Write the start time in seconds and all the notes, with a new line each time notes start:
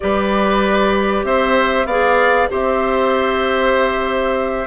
0.00 G3 G4 B4 D5
1.23 C4 C5 E5
1.85 B3 G#4 D5 F5
2.48 C4 G4 C5 E5